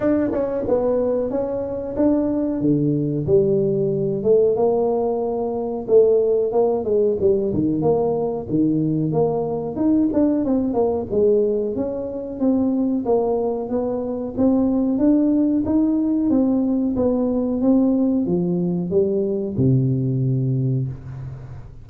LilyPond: \new Staff \with { instrumentName = "tuba" } { \time 4/4 \tempo 4 = 92 d'8 cis'8 b4 cis'4 d'4 | d4 g4. a8 ais4~ | ais4 a4 ais8 gis8 g8 dis8 | ais4 dis4 ais4 dis'8 d'8 |
c'8 ais8 gis4 cis'4 c'4 | ais4 b4 c'4 d'4 | dis'4 c'4 b4 c'4 | f4 g4 c2 | }